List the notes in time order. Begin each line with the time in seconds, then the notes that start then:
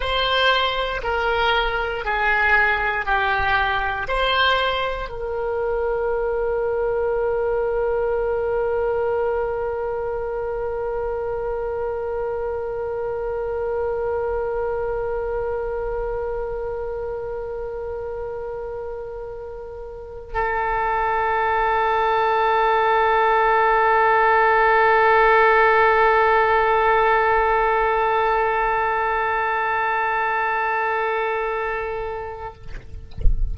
0.00 C5
1.03 A#4
2.04 G#4
3.05 G4
4.08 C5
5.08 A#4
20.33 A4